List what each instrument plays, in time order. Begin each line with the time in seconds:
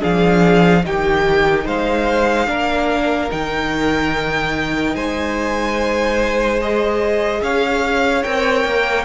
0.00 cello F3, viola D4, violin G#4 F5
0.83 cello D#3, viola D#4, violin G4 G5
1.64 cello G#3, violin C5 F5
2.46 cello A#3, viola D4, violin A#4
3.30 cello D#3, viola D#4, violin G5
4.94 cello G#3, violin C5 G#5
6.61 viola G#4, violin D#5
7.41 cello C#4, violin C#5 F5
8.23 cello C4, viola A#4, violin G5
8.64 cello A#3